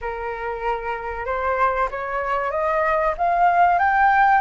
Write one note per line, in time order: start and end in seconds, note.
0.01 1.25 A#4
1.25 1.88 C5
1.90 2.51 C#5
2.51 3.14 D#5
3.17 3.78 F5
3.78 4.41 G5